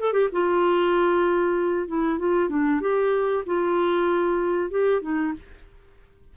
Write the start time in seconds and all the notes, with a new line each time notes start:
0.00 A4
0.13 G4
0.32 F4
1.88 E4
2.19 F4
2.50 D4
2.82 G4
3.47 F4
4.71 G4
5.02 D#4